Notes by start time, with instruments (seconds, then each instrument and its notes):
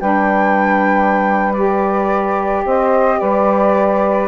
0.00 bassoon G3, saxophone D4 B4, flute G5
1.53 saxophone G4, flute D5
2.65 bassoon C4, saxophone C5, flute D#5
3.19 bassoon G3, saxophone B4, flute D5